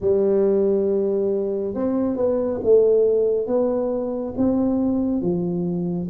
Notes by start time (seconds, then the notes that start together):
0.00 G3
1.74 C4
2.16 B3
2.63 A3
3.47 B3
4.37 C4
5.21 F3